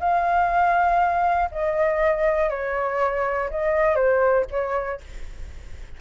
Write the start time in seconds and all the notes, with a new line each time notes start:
0.00 F5
1.52 D#5
2.50 C#5
3.51 D#5
3.96 C5
4.51 C#5